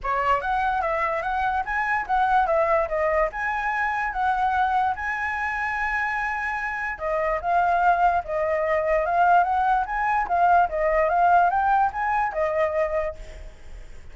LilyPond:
\new Staff \with { instrumentName = "flute" } { \time 4/4 \tempo 4 = 146 cis''4 fis''4 e''4 fis''4 | gis''4 fis''4 e''4 dis''4 | gis''2 fis''2 | gis''1~ |
gis''4 dis''4 f''2 | dis''2 f''4 fis''4 | gis''4 f''4 dis''4 f''4 | g''4 gis''4 dis''2 | }